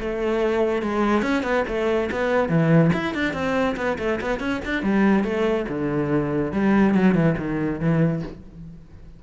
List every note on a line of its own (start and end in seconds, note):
0.00 0.82 A3
0.82 1.22 G#3
1.22 1.43 C#4
1.43 1.64 B3
1.68 2.10 A3
2.11 2.49 B3
2.49 2.91 E3
2.93 3.15 E4
3.15 3.34 D4
3.34 3.76 C4
3.77 3.98 B3
3.99 4.20 A3
4.21 4.40 B3
4.40 4.61 C#4
4.65 4.83 D4
4.83 5.24 G3
5.24 5.66 A3
5.69 6.52 D3
6.52 6.95 G3
6.95 7.15 F#3
7.15 7.36 E3
7.38 7.80 D#3
7.80 8.23 E3